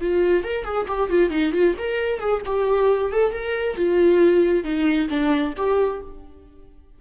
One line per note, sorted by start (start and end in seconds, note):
0.00 0.43 F4
0.43 0.64 A#4
0.64 0.86 G#4
0.87 1.09 G4
1.09 1.30 F4
1.30 1.52 D#4
1.52 1.74 F4
1.78 2.19 A#4
2.19 2.41 G#4
2.45 3.12 G4
3.12 3.32 A4
3.32 3.76 A#4
3.76 4.64 F4
4.64 5.08 D#4
5.09 5.54 D4
5.56 6.01 G4